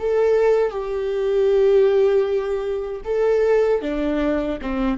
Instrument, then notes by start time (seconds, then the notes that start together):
viola
0.00 A4
0.71 G4
3.05 A4
3.82 D4
4.62 C4